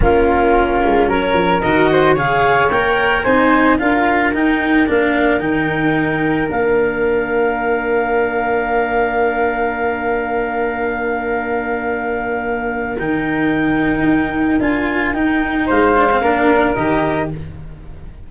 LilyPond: <<
  \new Staff \with { instrumentName = "clarinet" } { \time 4/4 \tempo 4 = 111 ais'2 cis''4 dis''4 | f''4 g''4 gis''4 f''4 | g''4 f''4 g''2 | f''1~ |
f''1~ | f''1 | g''2. gis''4 | g''4 f''2 dis''4 | }
  \new Staff \with { instrumentName = "flute" } { \time 4/4 f'2 ais'4. c''8 | cis''2 c''4 ais'4~ | ais'1~ | ais'1~ |
ais'1~ | ais'1~ | ais'1~ | ais'4 c''4 ais'2 | }
  \new Staff \with { instrumentName = "cello" } { \time 4/4 cis'2. fis'4 | gis'4 ais'4 dis'4 f'4 | dis'4 d'4 dis'2 | d'1~ |
d'1~ | d'1 | dis'2. f'4 | dis'4. d'16 c'16 d'4 g'4 | }
  \new Staff \with { instrumentName = "tuba" } { \time 4/4 ais4. gis8 fis8 f8 dis4 | cis4 ais4 c'4 d'4 | dis'4 ais4 dis2 | ais1~ |
ais1~ | ais1 | dis2 dis'4 d'4 | dis'4 gis4 ais4 dis4 | }
>>